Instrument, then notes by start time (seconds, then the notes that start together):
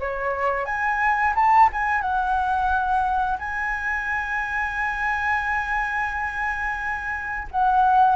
flute
0.00 C#5
0.65 G#5
1.35 A5
1.73 G#5
2.01 F#5
3.39 G#5
7.51 F#5